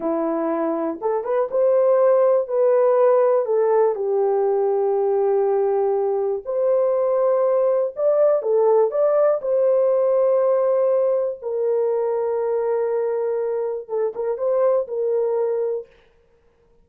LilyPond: \new Staff \with { instrumentName = "horn" } { \time 4/4 \tempo 4 = 121 e'2 a'8 b'8 c''4~ | c''4 b'2 a'4 | g'1~ | g'4 c''2. |
d''4 a'4 d''4 c''4~ | c''2. ais'4~ | ais'1 | a'8 ais'8 c''4 ais'2 | }